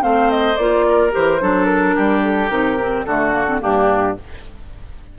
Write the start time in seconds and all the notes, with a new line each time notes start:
0.00 A3 C4 C5 F5
0.31 D#5
0.57 A#3 F4 D5
0.89 A#4
1.11 E3 G4 C5
1.41 F#3 D4 A4
1.65 A#4
1.96 G3 G4
2.24 A4
2.49 C3 D#4 A#4
2.80 C4
3.06 D3 A3 F#4 A4
3.32 A#3
3.47 C4
3.60 G2 A#3 D4 G4